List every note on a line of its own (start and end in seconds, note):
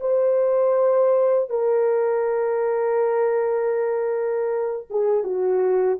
0.00 1.50 C5
1.50 4.87 A#4
4.90 5.24 G#4
5.24 5.99 F#4